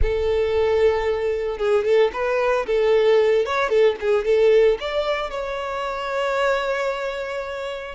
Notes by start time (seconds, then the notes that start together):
0.02 A4
1.57 G#4
1.84 A4
2.12 B4
2.66 A4
3.45 C#5
3.69 A4
4.00 G#4
4.24 A4
4.80 D5
5.30 C#5